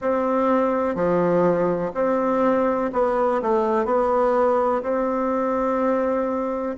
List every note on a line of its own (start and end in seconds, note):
0.01 0.95 C4
0.95 1.91 F3
1.94 2.91 C4
2.93 3.41 B3
3.42 3.85 A3
3.85 4.82 B3
4.82 6.75 C4